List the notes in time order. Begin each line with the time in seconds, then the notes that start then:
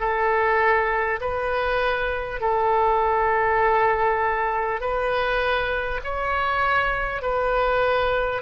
0.00 A4
1.21 B4
2.41 A4
4.81 B4
6.04 C#5
7.22 B4